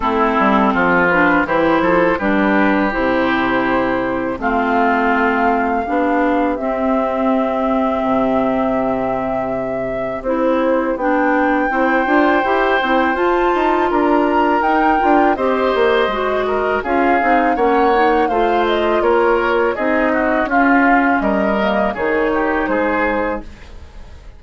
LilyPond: <<
  \new Staff \with { instrumentName = "flute" } { \time 4/4 \tempo 4 = 82 a'4. b'8 c''4 b'4 | c''2 f''2~ | f''4 e''2.~ | e''2 c''4 g''4~ |
g''2 a''4 ais''4 | g''4 dis''2 f''4 | fis''4 f''8 dis''8 cis''4 dis''4 | f''4 dis''4 cis''4 c''4 | }
  \new Staff \with { instrumentName = "oboe" } { \time 4/4 e'4 f'4 g'8 a'8 g'4~ | g'2 f'2 | g'1~ | g'1 |
c''2. ais'4~ | ais'4 c''4. ais'8 gis'4 | cis''4 c''4 ais'4 gis'8 fis'8 | f'4 ais'4 gis'8 g'8 gis'4 | }
  \new Staff \with { instrumentName = "clarinet" } { \time 4/4 c'4. d'8 e'4 d'4 | e'2 c'2 | d'4 c'2.~ | c'2 e'4 d'4 |
e'8 f'8 g'8 e'8 f'2 | dis'8 f'8 g'4 fis'4 f'8 dis'8 | cis'8 dis'8 f'2 dis'4 | cis'4. ais8 dis'2 | }
  \new Staff \with { instrumentName = "bassoon" } { \time 4/4 a8 g8 f4 e8 f8 g4 | c2 a2 | b4 c'2 c4~ | c2 c'4 b4 |
c'8 d'8 e'8 c'8 f'8 dis'8 d'4 | dis'8 d'8 c'8 ais8 gis4 cis'8 c'8 | ais4 a4 ais4 c'4 | cis'4 g4 dis4 gis4 | }
>>